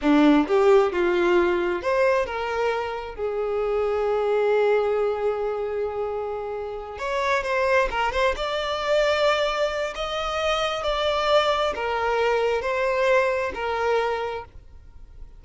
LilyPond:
\new Staff \with { instrumentName = "violin" } { \time 4/4 \tempo 4 = 133 d'4 g'4 f'2 | c''4 ais'2 gis'4~ | gis'1~ | gis'2.~ gis'8 cis''8~ |
cis''8 c''4 ais'8 c''8 d''4.~ | d''2 dis''2 | d''2 ais'2 | c''2 ais'2 | }